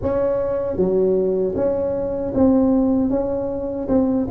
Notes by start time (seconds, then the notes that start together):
0.01 C#4
0.76 F#3
1.55 C#4
2.34 C4
3.10 C#4
3.88 C4